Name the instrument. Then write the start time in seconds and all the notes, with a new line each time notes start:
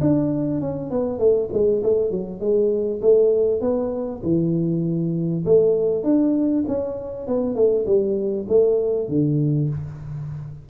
tuba
0.00 D4
0.61 C#4
0.90 B3
1.18 A3
1.52 G#3
1.83 A3
2.10 F#3
2.40 G#3
3.01 A3
3.61 B3
4.23 E3
5.45 A3
6.04 D4
6.67 C#4
7.27 B3
7.55 A3
7.86 G3
8.48 A3
9.08 D3